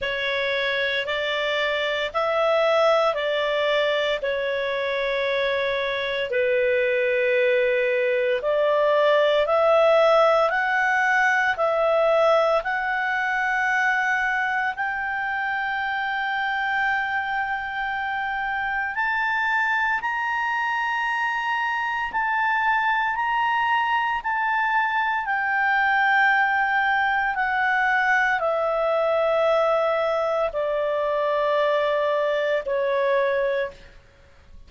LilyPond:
\new Staff \with { instrumentName = "clarinet" } { \time 4/4 \tempo 4 = 57 cis''4 d''4 e''4 d''4 | cis''2 b'2 | d''4 e''4 fis''4 e''4 | fis''2 g''2~ |
g''2 a''4 ais''4~ | ais''4 a''4 ais''4 a''4 | g''2 fis''4 e''4~ | e''4 d''2 cis''4 | }